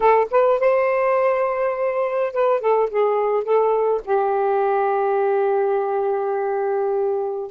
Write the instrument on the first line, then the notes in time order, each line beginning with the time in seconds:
saxophone
0.00 A4
0.30 B4
0.59 C5
2.32 B4
2.60 A4
2.90 G#4
3.43 A4
4.04 G4